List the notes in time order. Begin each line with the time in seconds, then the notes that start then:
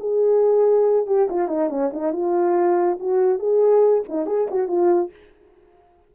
0.00 G#4
1.07 G4
1.30 F4
1.48 D#4
1.69 C#4
1.93 D#4
2.13 F4
3.00 F#4
3.39 G#4
4.09 D#4
4.26 G#4
4.51 F#4
4.68 F4